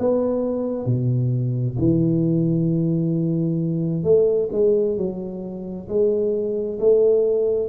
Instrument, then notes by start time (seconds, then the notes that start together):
tuba
0.00 B3
0.86 B2
1.79 E3
4.04 A3
4.52 G#3
4.98 F#3
5.89 G#3
6.80 A3